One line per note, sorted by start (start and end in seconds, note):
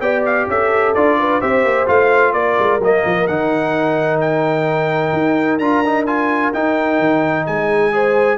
0.00 0.47 B3
0.00 0.95 G4
0.00 0.47 D5
0.00 0.24 G5
0.26 0.49 F5
0.48 0.94 C#4
0.48 1.19 A4
0.48 0.94 E5
0.94 1.42 D4
0.94 1.42 F4
0.94 1.41 D5
1.19 1.41 B4
1.41 1.65 C4
1.41 1.86 G4
1.41 2.34 C5
1.41 1.88 E5
1.65 1.88 A#3
1.86 2.33 A3
1.86 2.79 F4
1.86 2.33 F5
2.33 2.56 A#3
2.33 7.46 A#4
2.33 2.79 D5
2.59 2.78 G#3
2.78 3.02 F#3
2.78 3.28 A#3
2.78 3.27 D#5
3.05 3.29 F3
3.27 5.13 D#3
3.27 5.61 D#4
3.27 4.20 F#5
4.21 5.59 G5
5.13 5.59 D#4
5.59 6.52 D4
5.59 5.84 F4
5.59 6.05 A#5
5.85 6.07 D#4
6.06 6.53 F4
6.06 6.53 G#5
6.53 6.99 D#4
6.53 7.92 D#4
6.53 7.46 G5
6.99 7.45 D#3
7.46 8.38 G#3
7.46 7.93 G#4
7.46 8.38 G#5
7.92 8.38 G#4
7.92 8.38 C5